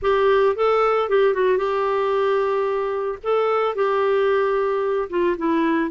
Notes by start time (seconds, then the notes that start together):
0.02 G4
0.55 A4
1.09 G4
1.34 F#4
1.57 G4
3.23 A4
3.75 G4
5.09 F4
5.37 E4